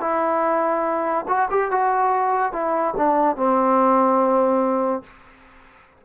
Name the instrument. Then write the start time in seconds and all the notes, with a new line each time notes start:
trombone
0.00 E4
1.28 F#4
1.50 G4
1.71 F#4
2.52 E4
2.97 D4
3.36 C4